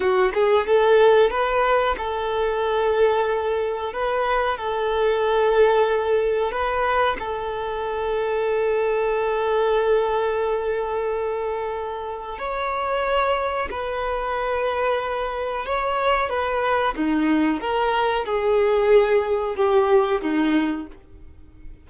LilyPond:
\new Staff \with { instrumentName = "violin" } { \time 4/4 \tempo 4 = 92 fis'8 gis'8 a'4 b'4 a'4~ | a'2 b'4 a'4~ | a'2 b'4 a'4~ | a'1~ |
a'2. cis''4~ | cis''4 b'2. | cis''4 b'4 dis'4 ais'4 | gis'2 g'4 dis'4 | }